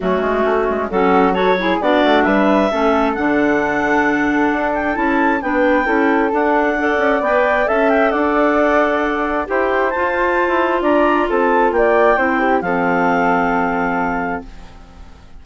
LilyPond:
<<
  \new Staff \with { instrumentName = "clarinet" } { \time 4/4 \tempo 4 = 133 fis'2 a'4 cis''4 | d''4 e''2 fis''4~ | fis''2~ fis''8 g''8 a''4 | g''2 fis''2 |
g''4 a''8 g''8 fis''2~ | fis''4 g''4 a''2 | ais''4 a''4 g''2 | f''1 | }
  \new Staff \with { instrumentName = "flute" } { \time 4/4 cis'2 fis'4 a'8 gis'8 | fis'4 b'4 a'2~ | a'1 | b'4 a'2 d''4~ |
d''4 e''4 d''2~ | d''4 c''2. | d''4 a'4 d''4 c''8 g'8 | a'1 | }
  \new Staff \with { instrumentName = "clarinet" } { \time 4/4 a2 cis'4 fis'8 e'8 | d'2 cis'4 d'4~ | d'2. e'4 | d'4 e'4 d'4 a'4 |
b'4 a'2.~ | a'4 g'4 f'2~ | f'2. e'4 | c'1 | }
  \new Staff \with { instrumentName = "bassoon" } { \time 4/4 fis8 gis8 a8 gis8 fis2 | b8 a8 g4 a4 d4~ | d2 d'4 cis'4 | b4 cis'4 d'4. cis'8 |
b4 cis'4 d'2~ | d'4 e'4 f'4~ f'16 e'8. | d'4 c'4 ais4 c'4 | f1 | }
>>